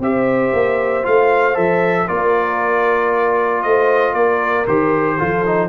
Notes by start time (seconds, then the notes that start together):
0.00 C4 G4 C5 E5
0.53 A#3
1.03 A3 F4 F5
1.54 F3 A4 E5
2.07 A#3 F4 A#4 D5
3.63 A3 C5 D#5
4.13 A#3 A#4 D5
4.68 D#3 G4 C5
5.18 F3 F4 A4
5.46 D#4